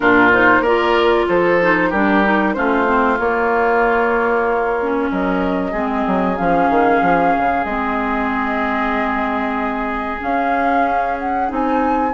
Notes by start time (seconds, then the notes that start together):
0.00 A#2 D4 F4 A#4
0.32 D#4 C5
0.60 A#3 F4 A#4 D5
1.28 F3 A4 C5
1.61 D#4
1.89 G3 D4 G4 A#4
2.23 D#4
2.53 A3 C#4 F4 C5
2.85 C4
3.19 A#3 C#5
4.81 C#4
5.11 F#3 A#4 D#5
5.71 G#3 C4 G#4
6.07 F#3
6.36 F3 C#4 F5
6.69 D#3
7.02 F3
7.37 C#3
7.64 G#3 C4 D#5
10.18 C#4 F5
11.18 F#5
11.47 C4 D#4
11.54 G#5